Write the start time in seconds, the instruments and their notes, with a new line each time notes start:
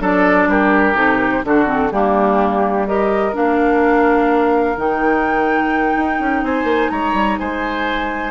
0.00 bassoon F#3, clarinet D4, oboe A4, flute D5
0.48 bassoon G3, oboe G4, flute A#4
0.95 bassoon C3, clarinet D#4, flute A4
1.17 flute A#4
1.32 flute C5
1.44 bassoon D3, clarinet D4, oboe F#4, flute A4
1.67 clarinet C4
1.92 bassoon G3, clarinet A#3, oboe D4, flute G4
2.87 clarinet G4, oboe A#4, flute D#5
3.33 bassoon A#3, clarinet D4, flute F5
4.77 bassoon D#3, clarinet D#4, flute G5
5.96 bassoon D#4
6.20 bassoon C#4
6.43 bassoon C4, oboe C5, flute G#5
6.64 bassoon A#3
6.90 bassoon G#3, oboe C#5, flute A#5
7.14 bassoon G3
7.39 bassoon G#3, oboe C5, flute G#5